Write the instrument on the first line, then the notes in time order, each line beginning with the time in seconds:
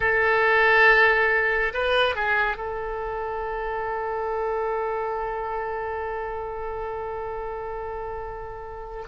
oboe
0.00 A4
1.73 B4
2.15 G#4
2.56 A4